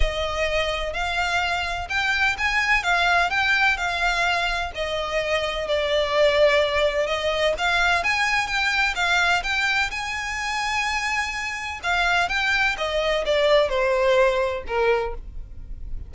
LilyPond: \new Staff \with { instrumentName = "violin" } { \time 4/4 \tempo 4 = 127 dis''2 f''2 | g''4 gis''4 f''4 g''4 | f''2 dis''2 | d''2. dis''4 |
f''4 gis''4 g''4 f''4 | g''4 gis''2.~ | gis''4 f''4 g''4 dis''4 | d''4 c''2 ais'4 | }